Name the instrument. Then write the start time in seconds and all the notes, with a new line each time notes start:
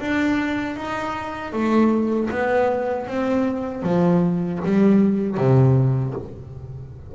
double bass
0.00 D4
0.77 D#4
1.53 A3
2.31 B3
3.08 C4
3.83 F3
4.65 G3
5.38 C3